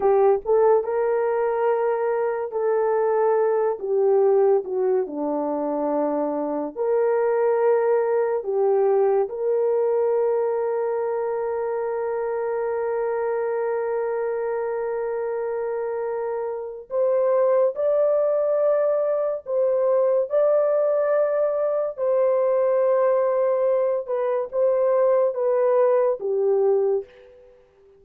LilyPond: \new Staff \with { instrumentName = "horn" } { \time 4/4 \tempo 4 = 71 g'8 a'8 ais'2 a'4~ | a'8 g'4 fis'8 d'2 | ais'2 g'4 ais'4~ | ais'1~ |
ais'1 | c''4 d''2 c''4 | d''2 c''2~ | c''8 b'8 c''4 b'4 g'4 | }